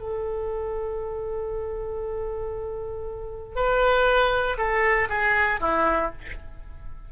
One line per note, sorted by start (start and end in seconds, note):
0.00 3.55 A4
3.55 4.57 B4
4.58 5.08 A4
5.09 5.60 G#4
5.61 6.12 E4